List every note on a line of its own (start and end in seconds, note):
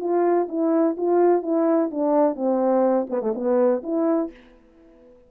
0.00 0.48 F4
0.49 0.96 E4
0.97 1.43 F4
1.43 1.90 E4
1.91 2.35 D4
2.35 3.07 C4
3.10 3.22 B3
3.22 3.34 A3
3.35 3.83 B3
3.83 4.31 E4